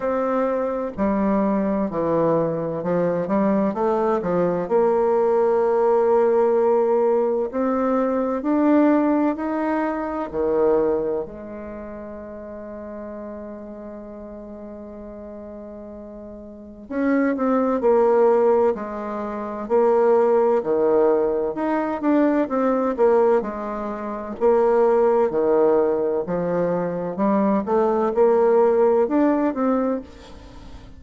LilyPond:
\new Staff \with { instrumentName = "bassoon" } { \time 4/4 \tempo 4 = 64 c'4 g4 e4 f8 g8 | a8 f8 ais2. | c'4 d'4 dis'4 dis4 | gis1~ |
gis2 cis'8 c'8 ais4 | gis4 ais4 dis4 dis'8 d'8 | c'8 ais8 gis4 ais4 dis4 | f4 g8 a8 ais4 d'8 c'8 | }